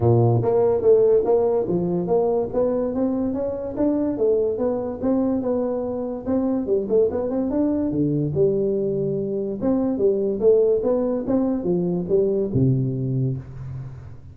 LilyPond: \new Staff \with { instrumentName = "tuba" } { \time 4/4 \tempo 4 = 144 ais,4 ais4 a4 ais4 | f4 ais4 b4 c'4 | cis'4 d'4 a4 b4 | c'4 b2 c'4 |
g8 a8 b8 c'8 d'4 d4 | g2. c'4 | g4 a4 b4 c'4 | f4 g4 c2 | }